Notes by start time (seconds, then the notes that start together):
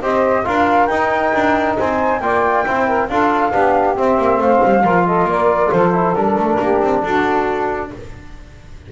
0.00 C4 G4 C5 D#5
0.45 D4 F4 A#4 F5
0.87 D#4 G5
1.34 D4
1.77 C4 C5 G#5
2.21 A#3 F4 D5 G5
2.65 C4 E4 C5
2.86 A#4
3.09 D4 F4 A4 F5
3.52 B3 D4 G4
3.96 C4 E5
4.18 A#3
4.38 A3 C5 F5
4.64 G3
4.83 F3 F4 A#4
5.06 A4 D#5
5.25 A#3 A#4 D5
5.71 F3 A4 C5
5.92 E4
6.14 G3 D4 A#4
6.36 A3
6.59 A#3 G4
6.81 C4
7.03 D4 F#4 A4